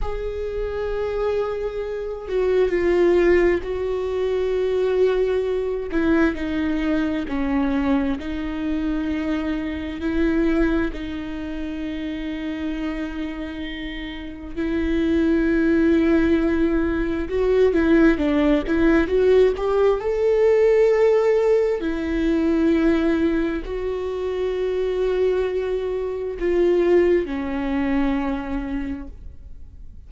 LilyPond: \new Staff \with { instrumentName = "viola" } { \time 4/4 \tempo 4 = 66 gis'2~ gis'8 fis'8 f'4 | fis'2~ fis'8 e'8 dis'4 | cis'4 dis'2 e'4 | dis'1 |
e'2. fis'8 e'8 | d'8 e'8 fis'8 g'8 a'2 | e'2 fis'2~ | fis'4 f'4 cis'2 | }